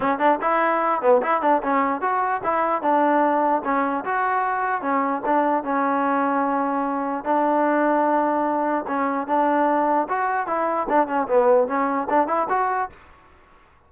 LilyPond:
\new Staff \with { instrumentName = "trombone" } { \time 4/4 \tempo 4 = 149 cis'8 d'8 e'4. b8 e'8 d'8 | cis'4 fis'4 e'4 d'4~ | d'4 cis'4 fis'2 | cis'4 d'4 cis'2~ |
cis'2 d'2~ | d'2 cis'4 d'4~ | d'4 fis'4 e'4 d'8 cis'8 | b4 cis'4 d'8 e'8 fis'4 | }